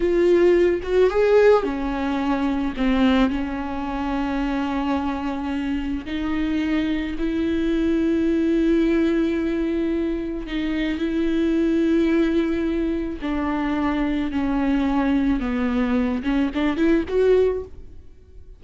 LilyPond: \new Staff \with { instrumentName = "viola" } { \time 4/4 \tempo 4 = 109 f'4. fis'8 gis'4 cis'4~ | cis'4 c'4 cis'2~ | cis'2. dis'4~ | dis'4 e'2.~ |
e'2. dis'4 | e'1 | d'2 cis'2 | b4. cis'8 d'8 e'8 fis'4 | }